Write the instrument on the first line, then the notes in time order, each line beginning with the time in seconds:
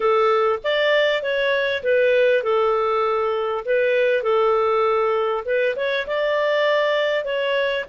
clarinet
0.00 A4
0.63 D5
1.22 C#5
1.83 B4
2.43 A4
3.65 B4
4.23 A4
5.45 B4
5.76 C#5
6.06 D5
7.24 C#5